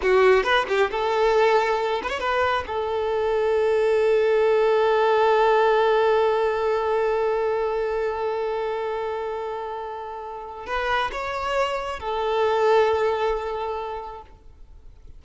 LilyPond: \new Staff \with { instrumentName = "violin" } { \time 4/4 \tempo 4 = 135 fis'4 b'8 g'8 a'2~ | a'8 b'16 cis''16 b'4 a'2~ | a'1~ | a'1~ |
a'1~ | a'1 | b'4 cis''2 a'4~ | a'1 | }